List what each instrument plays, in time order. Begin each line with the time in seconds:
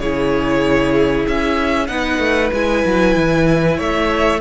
0.00 cello C#3, viola E4, violin G#4 C#5
1.28 cello C#4, violin E5
1.87 cello B3, viola D#4, violin B4 F#5
2.19 cello A3
2.53 cello G#3, viola E4, violin G#5
2.86 cello F#3
3.16 cello E3
3.77 cello A3, violin C#5 E5